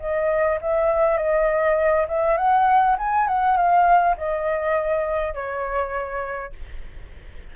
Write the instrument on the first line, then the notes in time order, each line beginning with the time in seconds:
flute
0.00 D#5
0.62 E5
1.17 D#5
2.08 E5
2.37 F#5
2.99 G#5
3.28 F#5
3.57 F5
4.17 D#5
5.34 C#5